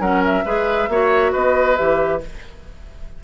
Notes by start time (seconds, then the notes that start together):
0.00 F#3 C#4 A#4 F#5
0.25 E5
0.45 G#3 G#4 B4
0.89 A#3 F#4 C#5
1.32 B3 B4 D#5
1.77 E3 G4 E5